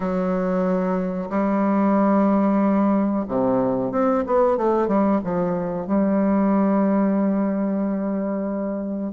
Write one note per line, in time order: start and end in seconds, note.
0.00 1.29 F#3
1.29 3.25 G3
3.28 3.91 C3
3.91 4.24 C4
4.26 4.57 B3
4.57 4.87 A3
4.87 5.20 G3
5.24 5.86 F3
5.86 9.12 G3